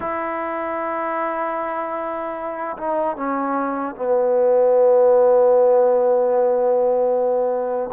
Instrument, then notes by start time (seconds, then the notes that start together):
trombone
0.00 E4
2.77 D#4
3.16 C#4
3.95 B3